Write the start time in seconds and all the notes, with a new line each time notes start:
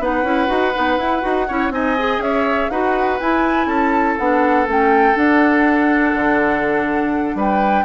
0.00 B3 D#4 B4 F#5
0.24 C#4 E4
0.47 D#4 F#4
0.75 B3 D#4
0.98 E4
1.22 D#4 F#4
1.48 C#4 E4 C#5
1.71 C4 D#4 D#5 G#5
1.98 G#4
2.19 C#4 C#5 E5
2.70 D#4 F#4 B4 F#5
3.20 E4 G#5
3.67 C#4 A4 A5
4.18 B3 D4 F#5
4.66 A3 C#4 G5
5.15 D4 F#5
6.15 D3
7.35 G3 B4 G5